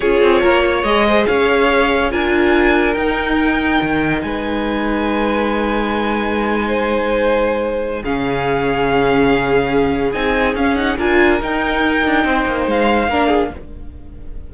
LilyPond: <<
  \new Staff \with { instrumentName = "violin" } { \time 4/4 \tempo 4 = 142 cis''2 dis''4 f''4~ | f''4 gis''2 g''4~ | g''2 gis''2~ | gis''1~ |
gis''2. f''4~ | f''1 | gis''4 f''8 fis''8 gis''4 g''4~ | g''2 f''2 | }
  \new Staff \with { instrumentName = "violin" } { \time 4/4 gis'4 ais'8 cis''4 c''8 cis''4~ | cis''4 ais'2.~ | ais'2 b'2~ | b'2.~ b'8. c''16~ |
c''2. gis'4~ | gis'1~ | gis'2 ais'2~ | ais'4 c''2 ais'8 gis'8 | }
  \new Staff \with { instrumentName = "viola" } { \time 4/4 f'2 gis'2~ | gis'4 f'2 dis'4~ | dis'1~ | dis'1~ |
dis'2. cis'4~ | cis'1 | dis'4 cis'8 dis'8 f'4 dis'4~ | dis'2. d'4 | }
  \new Staff \with { instrumentName = "cello" } { \time 4/4 cis'8 c'8 ais4 gis4 cis'4~ | cis'4 d'2 dis'4~ | dis'4 dis4 gis2~ | gis1~ |
gis2. cis4~ | cis1 | c'4 cis'4 d'4 dis'4~ | dis'8 d'8 c'8 ais8 gis4 ais4 | }
>>